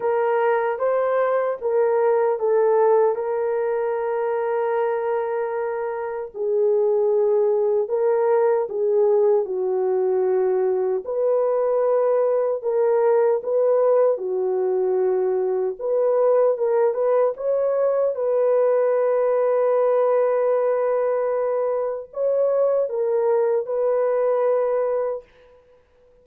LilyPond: \new Staff \with { instrumentName = "horn" } { \time 4/4 \tempo 4 = 76 ais'4 c''4 ais'4 a'4 | ais'1 | gis'2 ais'4 gis'4 | fis'2 b'2 |
ais'4 b'4 fis'2 | b'4 ais'8 b'8 cis''4 b'4~ | b'1 | cis''4 ais'4 b'2 | }